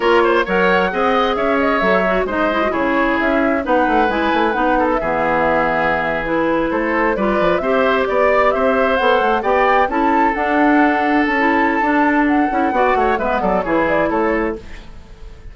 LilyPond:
<<
  \new Staff \with { instrumentName = "flute" } { \time 4/4 \tempo 4 = 132 cis''4 fis''2 e''8 dis''8 | e''4 dis''4 cis''4 e''4 | fis''4 gis''4 fis''8. e''4~ e''16~ | e''4.~ e''16 b'4 c''4 d''16~ |
d''8. e''4 d''4 e''4 fis''16~ | fis''8. g''4 a''4 fis''4~ fis''16~ | fis''8. a''2~ a''16 fis''4~ | fis''4 e''8 d''8 cis''8 d''8 cis''4 | }
  \new Staff \with { instrumentName = "oboe" } { \time 4/4 ais'8 c''8 cis''4 dis''4 cis''4~ | cis''4 c''4 gis'2 | b'2~ b'8 a'8 gis'4~ | gis'2~ gis'8. a'4 b'16~ |
b'8. c''4 d''4 c''4~ c''16~ | c''8. d''4 a'2~ a'16~ | a'1 | d''8 cis''8 b'8 a'8 gis'4 a'4 | }
  \new Staff \with { instrumentName = "clarinet" } { \time 4/4 f'4 ais'4 gis'2 | a'8 fis'8 dis'8 e'16 fis'16 e'2 | dis'4 e'4 dis'4 b4~ | b4.~ b16 e'2 f'16~ |
f'8. g'2. a'16~ | a'8. g'4 e'4 d'4~ d'16~ | d'4 e'4 d'4. e'8 | fis'4 b4 e'2 | }
  \new Staff \with { instrumentName = "bassoon" } { \time 4/4 ais4 fis4 c'4 cis'4 | fis4 gis4 cis4 cis'4 | b8 a8 gis8 a8 b4 e4~ | e2~ e8. a4 g16~ |
g16 f8 c'4 b4 c'4 b16~ | b16 a8 b4 cis'4 d'4~ d'16~ | d'8. cis'4~ cis'16 d'4. cis'8 | b8 a8 gis8 fis8 e4 a4 | }
>>